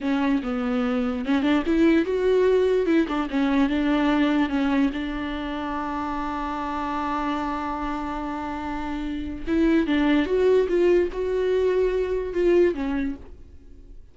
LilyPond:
\new Staff \with { instrumentName = "viola" } { \time 4/4 \tempo 4 = 146 cis'4 b2 cis'8 d'8 | e'4 fis'2 e'8 d'8 | cis'4 d'2 cis'4 | d'1~ |
d'1~ | d'2. e'4 | d'4 fis'4 f'4 fis'4~ | fis'2 f'4 cis'4 | }